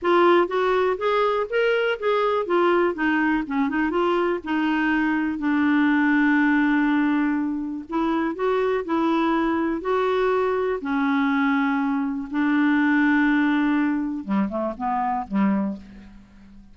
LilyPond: \new Staff \with { instrumentName = "clarinet" } { \time 4/4 \tempo 4 = 122 f'4 fis'4 gis'4 ais'4 | gis'4 f'4 dis'4 cis'8 dis'8 | f'4 dis'2 d'4~ | d'1 |
e'4 fis'4 e'2 | fis'2 cis'2~ | cis'4 d'2.~ | d'4 g8 a8 b4 g4 | }